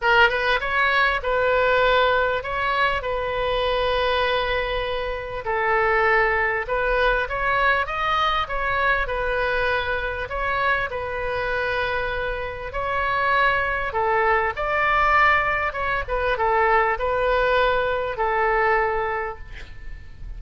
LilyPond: \new Staff \with { instrumentName = "oboe" } { \time 4/4 \tempo 4 = 99 ais'8 b'8 cis''4 b'2 | cis''4 b'2.~ | b'4 a'2 b'4 | cis''4 dis''4 cis''4 b'4~ |
b'4 cis''4 b'2~ | b'4 cis''2 a'4 | d''2 cis''8 b'8 a'4 | b'2 a'2 | }